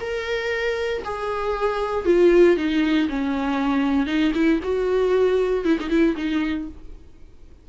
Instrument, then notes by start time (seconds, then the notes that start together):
viola
0.00 A#4
1.04 G#4
2.05 F4
2.56 D#4
3.09 C#4
4.06 D#4
4.34 E4
4.63 F#4
5.65 E4
5.80 D#4
5.89 E4
6.16 D#4